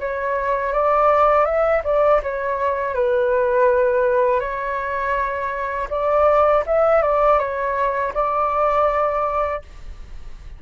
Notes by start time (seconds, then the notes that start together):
0.00 C#5
0.73 D5
1.45 E5
1.84 D5
2.23 C#5
2.95 B4
4.40 C#5
5.90 D5
6.67 E5
7.02 D5
7.39 C#5
8.14 D5